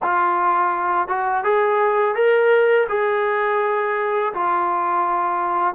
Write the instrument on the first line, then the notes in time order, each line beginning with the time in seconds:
trombone
0.02 F4
1.08 F#4
1.44 G#4
2.15 A#4
2.88 G#4
4.33 F4